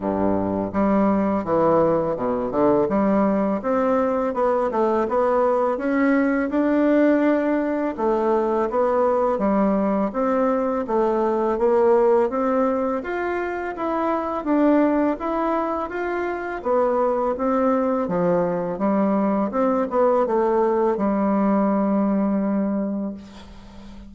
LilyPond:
\new Staff \with { instrumentName = "bassoon" } { \time 4/4 \tempo 4 = 83 g,4 g4 e4 b,8 d8 | g4 c'4 b8 a8 b4 | cis'4 d'2 a4 | b4 g4 c'4 a4 |
ais4 c'4 f'4 e'4 | d'4 e'4 f'4 b4 | c'4 f4 g4 c'8 b8 | a4 g2. | }